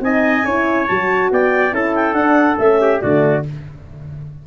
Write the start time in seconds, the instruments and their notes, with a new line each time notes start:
0.00 tuba C4, horn D#4, trumpet D#5, clarinet G#5
0.44 tuba C#4, horn E4, trumpet C#5
0.87 tuba F#3, horn F#4, clarinet A5
1.30 tuba B3, trumpet D5, clarinet G5
1.71 tuba C#4, horn E4, trumpet A4, clarinet A5
1.95 clarinet G5
2.13 tuba D4, horn D4, clarinet F#5
2.58 tuba A3, horn C#4, clarinet E5
2.81 trumpet G4
3.00 tuba D3, horn A3, trumpet F#4, clarinet D5